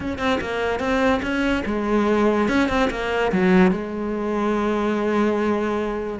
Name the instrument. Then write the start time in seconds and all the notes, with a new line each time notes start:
cello
0.00 C#4
0.18 C4
0.40 A#3
0.79 C4
1.22 C#4
1.65 G#3
2.48 C#4
2.69 C4
2.90 A#3
3.32 F#3
3.71 G#3